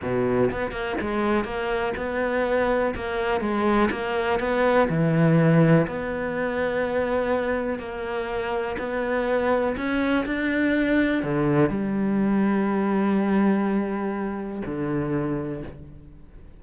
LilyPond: \new Staff \with { instrumentName = "cello" } { \time 4/4 \tempo 4 = 123 b,4 b8 ais8 gis4 ais4 | b2 ais4 gis4 | ais4 b4 e2 | b1 |
ais2 b2 | cis'4 d'2 d4 | g1~ | g2 d2 | }